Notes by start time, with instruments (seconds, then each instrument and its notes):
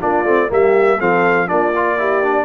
0.00 tuba A#3, trombone D4, horn F4, trumpet D5
0.24 tuba A3, trombone C4
0.49 tuba G3, trombone A#3, horn G4, trumpet E5
0.99 tuba F3, trombone C4, horn A4, trumpet F5
1.47 tuba A#3, trombone D4, horn F4, trumpet D5
1.76 trombone F4
1.98 trombone E4, horn G4
2.23 trombone D4